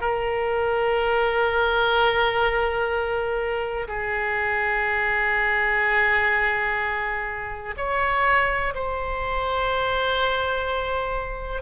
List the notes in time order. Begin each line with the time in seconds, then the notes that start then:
0.00 A#4
3.88 G#4
7.77 C#5
8.74 C5